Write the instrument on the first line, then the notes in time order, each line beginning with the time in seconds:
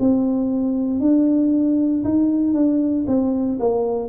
tuba
0.00 C4
1.01 D4
2.04 D#4
2.54 D4
3.08 C4
3.60 A#3